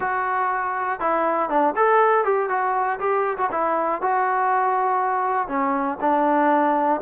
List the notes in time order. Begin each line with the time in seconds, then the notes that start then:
0.00 F#4
1.00 E4
1.49 D4
1.75 A4
2.24 G4
2.49 F#4
2.99 G4
3.37 F#4
3.51 E4
4.01 F#4
5.47 C#4
6.00 D4